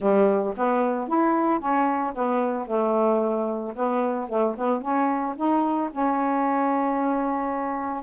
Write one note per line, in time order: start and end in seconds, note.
0.00 0.54 G3
0.56 1.08 B3
1.08 1.59 E4
1.59 2.13 C#4
2.14 2.66 B3
2.66 3.74 A3
3.75 4.28 B3
4.28 4.55 A3
4.57 4.81 B3
4.81 5.35 C#4
5.36 5.90 D#4
5.92 8.03 C#4